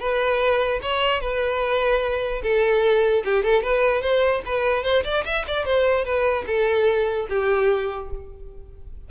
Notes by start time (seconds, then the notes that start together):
0.00 B4
0.83 C#5
1.21 B4
2.43 A4
3.25 G4
3.44 A4
3.63 B4
4.02 C5
4.46 B4
4.84 C5
5.04 D5
5.25 E5
5.48 D5
5.66 C5
6.05 B4
6.47 A4
7.30 G4